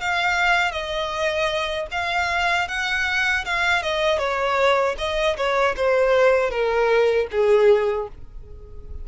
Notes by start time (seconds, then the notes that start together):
0.00 F5
0.71 D#5
1.91 F5
2.67 F#5
3.45 F5
3.82 D#5
4.18 C#5
4.98 D#5
5.36 C#5
5.76 C5
6.50 A#4
7.31 G#4